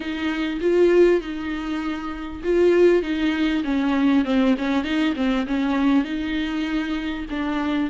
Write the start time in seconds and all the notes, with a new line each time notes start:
0.00 D#4
0.61 F4
1.20 D#4
2.43 F4
3.02 D#4
3.64 C#4
4.24 C4
4.58 C#4
4.83 D#4
5.15 C4
5.47 C#4
6.04 D#4
7.29 D4